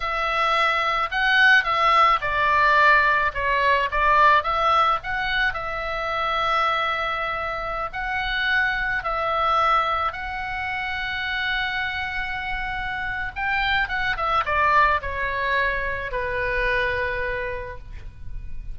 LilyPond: \new Staff \with { instrumentName = "oboe" } { \time 4/4 \tempo 4 = 108 e''2 fis''4 e''4 | d''2 cis''4 d''4 | e''4 fis''4 e''2~ | e''2~ e''16 fis''4.~ fis''16~ |
fis''16 e''2 fis''4.~ fis''16~ | fis''1 | g''4 fis''8 e''8 d''4 cis''4~ | cis''4 b'2. | }